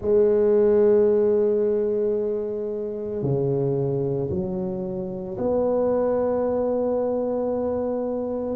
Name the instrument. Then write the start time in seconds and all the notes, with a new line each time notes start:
tuba
0.01 G#3
3.22 C#3
4.30 F#3
5.37 B3